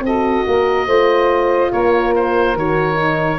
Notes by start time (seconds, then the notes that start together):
0.00 C4 A4 D#5
0.07 F#4
0.46 A#3 A#4
0.87 A3 F4 C5
1.71 A#3 A#4 C#5
2.15 C5
2.54 D#3 F#4 C#5
2.94 D#4